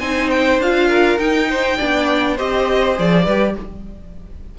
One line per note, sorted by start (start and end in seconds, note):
0.00 0.59 C4
0.00 0.62 D#4
0.00 0.89 C5
0.00 0.30 G#5
0.31 0.60 G5
0.59 1.18 D4
0.59 1.19 F4
0.59 1.19 F5
0.89 1.48 A#4
1.19 1.78 D#4
1.19 2.38 G5
1.50 1.78 C5
1.78 2.40 B3
1.78 2.39 D4
1.78 2.36 D5
2.36 2.99 C4
2.36 2.95 G4
2.36 3.25 C5
2.36 2.98 D#5
2.95 3.27 F3
2.95 3.25 G#4
2.95 3.59 D5
3.25 3.56 G3
3.25 3.59 G4
3.25 3.55 B4